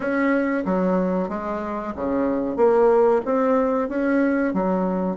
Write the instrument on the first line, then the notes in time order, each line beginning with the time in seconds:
bassoon
0.00 C#4
0.65 F#3
1.28 G#3
1.95 C#3
2.56 A#3
3.25 C4
3.89 C#4
4.53 F#3